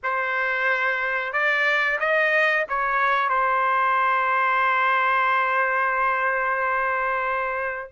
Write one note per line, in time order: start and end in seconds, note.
0.03 1.32 C5
1.32 1.98 D5
1.99 2.65 D#5
2.69 3.29 C#5
3.29 7.90 C5